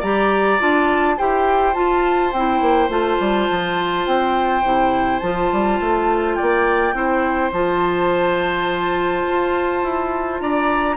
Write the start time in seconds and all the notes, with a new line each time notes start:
0.00 G3 G4 D5 A#5
0.59 D4 F4 A5
1.17 E4 G4 C5 G5
1.74 F4 A5
2.32 C4 E4 G5
2.61 A#3
2.89 A3 F4 A5
3.20 G3
3.51 F3
4.06 C4 G5
4.64 C3 E4
5.19 F3 F4 A5
5.52 G3
5.80 A3
6.35 D5 G5
6.42 A#3
6.94 C4 E4 C5
7.52 F3 F4 A5
9.29 F4
9.83 E4
10.41 D4 D5 A#5